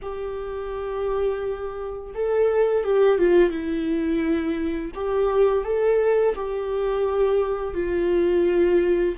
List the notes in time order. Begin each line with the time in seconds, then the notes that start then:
0.02 G4
2.14 A4
2.84 G4
3.18 F4
3.50 E4
4.94 G4
5.64 A4
6.35 G4
7.74 F4